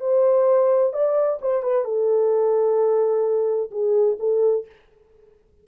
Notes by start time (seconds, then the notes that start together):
0.00 C5
0.93 D5
1.41 C5
1.63 B4
1.84 A4
3.71 G#4
4.19 A4